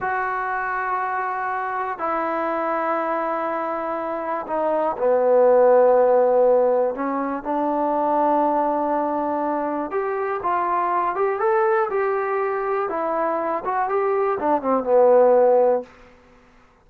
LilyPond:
\new Staff \with { instrumentName = "trombone" } { \time 4/4 \tempo 4 = 121 fis'1 | e'1~ | e'4 dis'4 b2~ | b2 cis'4 d'4~ |
d'1 | g'4 f'4. g'8 a'4 | g'2 e'4. fis'8 | g'4 d'8 c'8 b2 | }